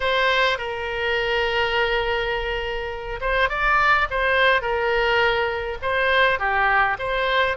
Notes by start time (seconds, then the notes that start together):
0.00 C5
0.57 A#4
3.20 C5
3.49 D5
4.10 C5
4.61 A#4
5.82 C5
6.39 G4
6.98 C5